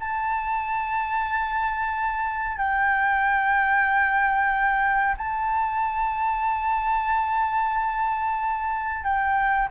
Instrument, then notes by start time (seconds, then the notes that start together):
flute
0.00 A5
2.57 G5
5.18 A5
9.04 G5